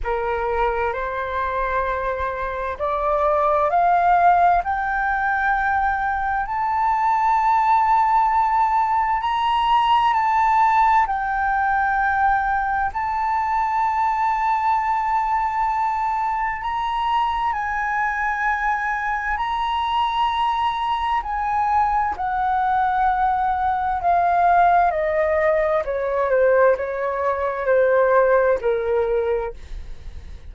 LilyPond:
\new Staff \with { instrumentName = "flute" } { \time 4/4 \tempo 4 = 65 ais'4 c''2 d''4 | f''4 g''2 a''4~ | a''2 ais''4 a''4 | g''2 a''2~ |
a''2 ais''4 gis''4~ | gis''4 ais''2 gis''4 | fis''2 f''4 dis''4 | cis''8 c''8 cis''4 c''4 ais'4 | }